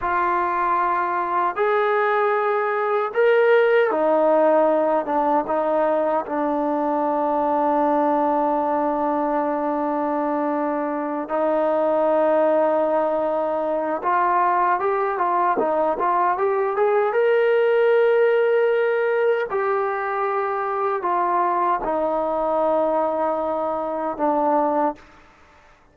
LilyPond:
\new Staff \with { instrumentName = "trombone" } { \time 4/4 \tempo 4 = 77 f'2 gis'2 | ais'4 dis'4. d'8 dis'4 | d'1~ | d'2~ d'8 dis'4.~ |
dis'2 f'4 g'8 f'8 | dis'8 f'8 g'8 gis'8 ais'2~ | ais'4 g'2 f'4 | dis'2. d'4 | }